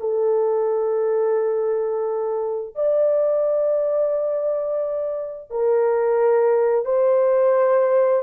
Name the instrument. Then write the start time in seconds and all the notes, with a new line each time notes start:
horn
0.00 A4
2.75 D5
5.50 A#4
6.85 C5